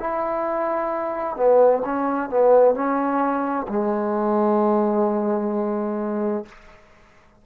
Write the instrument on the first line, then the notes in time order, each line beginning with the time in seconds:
trombone
0.00 E4
1.37 B3
1.85 C#4
2.30 B3
2.75 C#4
3.69 G#3